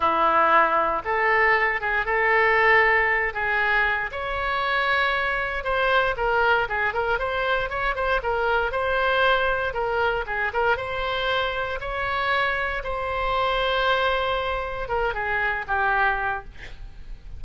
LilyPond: \new Staff \with { instrumentName = "oboe" } { \time 4/4 \tempo 4 = 117 e'2 a'4. gis'8 | a'2~ a'8 gis'4. | cis''2. c''4 | ais'4 gis'8 ais'8 c''4 cis''8 c''8 |
ais'4 c''2 ais'4 | gis'8 ais'8 c''2 cis''4~ | cis''4 c''2.~ | c''4 ais'8 gis'4 g'4. | }